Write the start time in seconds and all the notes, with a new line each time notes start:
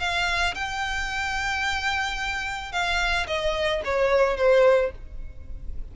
0.00 F5
0.55 G5
2.72 F5
3.28 D#5
3.85 C#5
4.37 C5